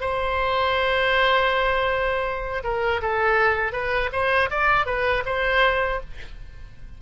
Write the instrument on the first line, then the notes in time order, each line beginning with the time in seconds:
oboe
0.00 C5
2.63 A#4
3.01 A4
3.72 B4
4.12 C5
4.50 D5
4.86 B4
5.25 C5